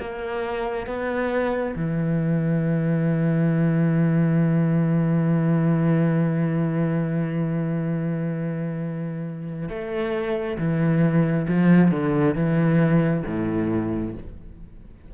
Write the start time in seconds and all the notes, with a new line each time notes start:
0.00 A#3
0.87 B3
1.76 E3
9.69 A3
10.58 E3
11.48 F3
11.92 D3
12.35 E3
13.26 A2